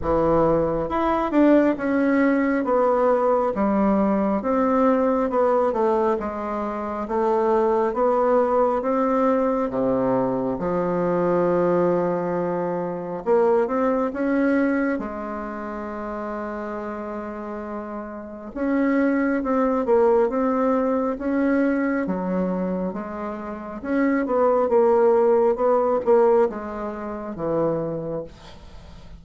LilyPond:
\new Staff \with { instrumentName = "bassoon" } { \time 4/4 \tempo 4 = 68 e4 e'8 d'8 cis'4 b4 | g4 c'4 b8 a8 gis4 | a4 b4 c'4 c4 | f2. ais8 c'8 |
cis'4 gis2.~ | gis4 cis'4 c'8 ais8 c'4 | cis'4 fis4 gis4 cis'8 b8 | ais4 b8 ais8 gis4 e4 | }